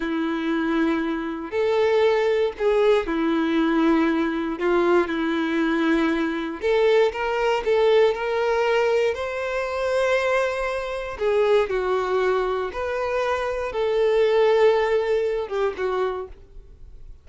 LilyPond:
\new Staff \with { instrumentName = "violin" } { \time 4/4 \tempo 4 = 118 e'2. a'4~ | a'4 gis'4 e'2~ | e'4 f'4 e'2~ | e'4 a'4 ais'4 a'4 |
ais'2 c''2~ | c''2 gis'4 fis'4~ | fis'4 b'2 a'4~ | a'2~ a'8 g'8 fis'4 | }